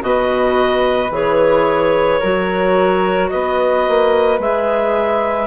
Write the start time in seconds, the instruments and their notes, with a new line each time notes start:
0.00 bassoon B2, clarinet F#4 D#5, flute B4
1.10 bassoon E3, clarinet G#4 C#5
2.20 bassoon F#3, clarinet F#4, flute A#4
3.29 bassoon B3, flute B4, clarinet D#5
3.88 bassoon A#3
4.38 bassoon G#3, clarinet G#4 E5